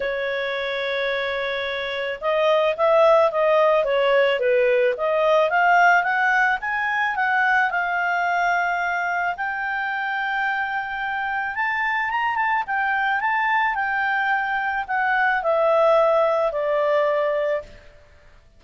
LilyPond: \new Staff \with { instrumentName = "clarinet" } { \time 4/4 \tempo 4 = 109 cis''1 | dis''4 e''4 dis''4 cis''4 | b'4 dis''4 f''4 fis''4 | gis''4 fis''4 f''2~ |
f''4 g''2.~ | g''4 a''4 ais''8 a''8 g''4 | a''4 g''2 fis''4 | e''2 d''2 | }